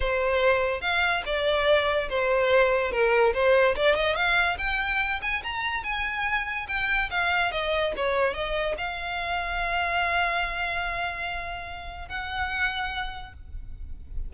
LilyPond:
\new Staff \with { instrumentName = "violin" } { \time 4/4 \tempo 4 = 144 c''2 f''4 d''4~ | d''4 c''2 ais'4 | c''4 d''8 dis''8 f''4 g''4~ | g''8 gis''8 ais''4 gis''2 |
g''4 f''4 dis''4 cis''4 | dis''4 f''2.~ | f''1~ | f''4 fis''2. | }